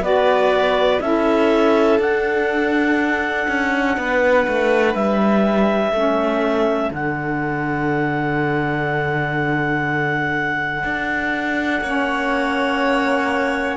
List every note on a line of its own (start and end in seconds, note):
0.00 0.98 B3
0.00 1.00 F#4
0.00 1.02 B4
0.00 1.00 D5
1.00 1.99 C#4
1.00 1.99 E4
1.00 3.97 A4
1.00 1.98 E5
1.99 3.46 D4
1.99 5.93 D4
1.99 4.94 F#5
3.48 3.97 C#4
3.97 4.46 B3
3.97 5.94 B4
4.48 4.94 A3
4.94 5.92 G3
4.94 6.91 E5
5.92 6.90 A3
5.92 6.91 C#4
5.92 11.83 A4
6.90 10.83 D3
6.90 11.83 D4
6.90 13.77 F#5
10.83 11.81 D4
11.81 13.77 A#3
11.81 13.77 C#4
11.81 13.77 C#5